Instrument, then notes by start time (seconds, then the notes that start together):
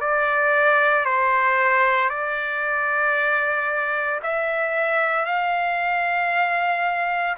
trumpet
0.00 D5
1.05 C5
2.10 D5
4.23 E5
5.25 F5